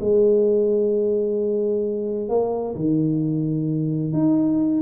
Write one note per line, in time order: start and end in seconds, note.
0.00 2.29 G#3
2.29 2.74 A#3
2.75 4.12 D#3
4.12 4.81 D#4